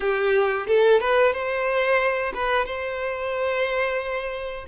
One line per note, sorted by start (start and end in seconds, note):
0.00 0.66 G4
0.67 1.00 A4
1.00 1.32 B4
1.32 2.32 C5
2.34 2.65 B4
2.65 4.65 C5